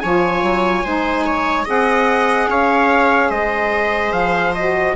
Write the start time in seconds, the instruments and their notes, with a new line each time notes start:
0.00 bassoon F3, saxophone F4, viola C#5, trumpet G#5
0.43 bassoon F#3
0.84 bassoon G#3, saxophone D#4, viola C5
1.26 viola C#5
1.65 bassoon C4, saxophone G#4, viola D#5, trumpet F#5
2.48 bassoon C#4, viola C#5, trumpet F5
3.29 bassoon G#3, viola C5, trumpet D#5
4.12 bassoon F3, trumpet F5
4.54 saxophone F#4, trumpet D#5